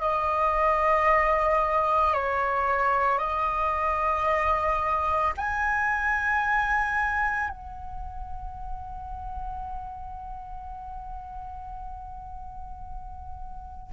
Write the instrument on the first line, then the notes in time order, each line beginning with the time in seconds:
flute
0.00 D#5
2.13 C#5
3.18 D#5
5.37 G#5
7.49 F#5